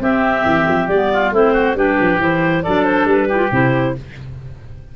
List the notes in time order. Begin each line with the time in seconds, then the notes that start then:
0.00 C4 G4 E5
0.45 E3
0.68 F3
0.88 G3 B3 D5
1.14 F4
1.32 A3 C4 E4 C5
1.54 F#4
1.75 G3 D4 G4 B4
2.01 F3
2.18 E3 E4 C5
2.63 F#3 D4 A4 D5
2.85 C5
3.06 G3 B4
3.29 E4 G4
3.37 F4
3.52 C3 E4 C5